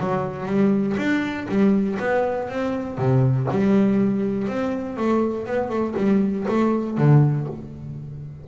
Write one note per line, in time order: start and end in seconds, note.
0.00 0.46 F#3
0.46 0.96 G3
0.98 1.47 D4
1.49 1.98 G3
2.00 2.49 B3
2.49 2.98 C4
2.98 3.48 C3
3.51 4.48 G3
4.48 4.97 C4
4.97 5.46 A3
5.46 5.70 B3
5.70 5.94 A3
5.97 6.46 G3
6.48 6.98 A3
6.98 7.48 D3